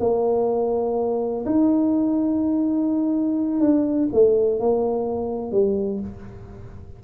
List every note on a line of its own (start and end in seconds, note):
0.00 1.45 A#3
1.46 3.61 D#4
3.61 4.09 D4
4.13 4.60 A3
4.60 5.52 A#3
5.52 6.00 G3